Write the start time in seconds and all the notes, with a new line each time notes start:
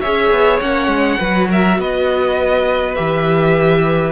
0.00 C#4 G#4 C#5 E5
0.30 B3
0.60 A#3 C#4 F#5
0.87 G#3
1.18 F#3 F#4 B4
1.49 A#4 E5
1.78 B3 B4 D#5
2.94 E3 G4 E5